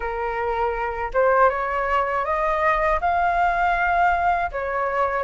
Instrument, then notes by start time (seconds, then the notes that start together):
flute
0.00 A#4
1.13 C5
1.49 C#5
2.24 D#5
3.00 F5
4.51 C#5